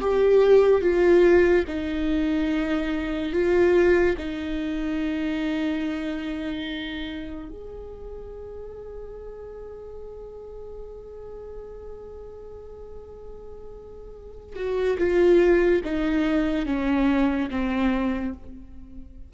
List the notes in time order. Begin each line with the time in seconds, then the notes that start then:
0.00 G4
0.81 F4
1.67 D#4
3.32 F4
4.17 D#4
7.49 G#4
14.56 F#4
14.98 F4
15.84 D#4
16.66 C#4
17.50 C4